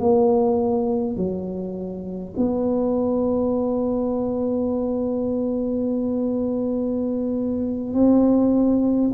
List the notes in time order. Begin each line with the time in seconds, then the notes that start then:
0.00 A#3
1.17 F#3
2.37 B3
7.94 C4